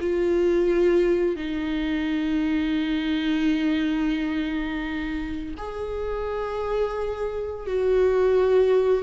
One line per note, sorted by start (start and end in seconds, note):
0.00 1.36 F4
1.36 5.54 D#4
5.57 7.66 G#4
7.66 9.03 F#4